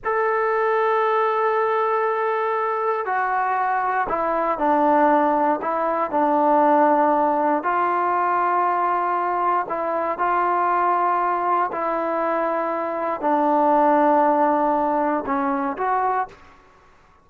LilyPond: \new Staff \with { instrumentName = "trombone" } { \time 4/4 \tempo 4 = 118 a'1~ | a'2 fis'2 | e'4 d'2 e'4 | d'2. f'4~ |
f'2. e'4 | f'2. e'4~ | e'2 d'2~ | d'2 cis'4 fis'4 | }